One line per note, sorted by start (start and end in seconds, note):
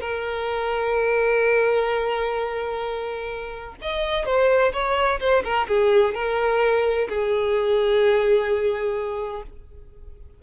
0.00 3.75 A#4
3.81 4.25 D#5
4.25 4.72 C5
4.73 5.19 C#5
5.20 5.43 C5
5.44 5.67 A#4
5.68 6.14 G#4
6.14 7.08 A#4
7.08 9.43 G#4